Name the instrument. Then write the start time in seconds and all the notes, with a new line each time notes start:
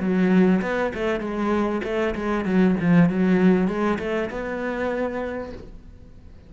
cello
0.00 F#3
0.62 B3
0.94 A3
1.20 G#3
1.84 A3
2.15 G#3
2.45 F#3
2.80 F3
3.10 F#3
3.68 G#3
3.99 A3
4.30 B3